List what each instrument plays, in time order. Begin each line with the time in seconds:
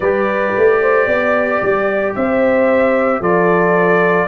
0.00 tuba G3, trombone G4, horn B4, trumpet D5
0.57 tuba A3
0.81 horn C5
1.06 tuba B3, horn D5
1.62 tuba G3
2.15 tuba C4, horn C5, trumpet E5
3.20 tuba F3, trombone F4, horn A4, trumpet D5